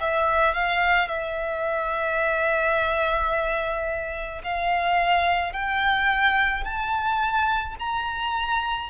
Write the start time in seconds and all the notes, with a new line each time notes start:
0.00 E5
0.54 F5
1.08 E5
4.43 F5
5.53 G5
6.64 A5
7.79 A#5